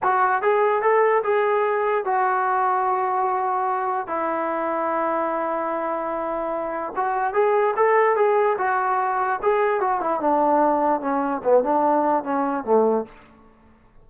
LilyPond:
\new Staff \with { instrumentName = "trombone" } { \time 4/4 \tempo 4 = 147 fis'4 gis'4 a'4 gis'4~ | gis'4 fis'2.~ | fis'2 e'2~ | e'1~ |
e'4 fis'4 gis'4 a'4 | gis'4 fis'2 gis'4 | fis'8 e'8 d'2 cis'4 | b8 d'4. cis'4 a4 | }